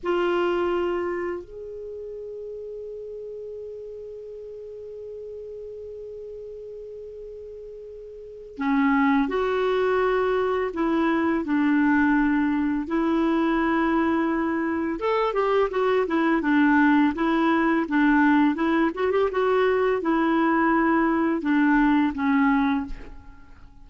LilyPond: \new Staff \with { instrumentName = "clarinet" } { \time 4/4 \tempo 4 = 84 f'2 gis'2~ | gis'1~ | gis'1 | cis'4 fis'2 e'4 |
d'2 e'2~ | e'4 a'8 g'8 fis'8 e'8 d'4 | e'4 d'4 e'8 fis'16 g'16 fis'4 | e'2 d'4 cis'4 | }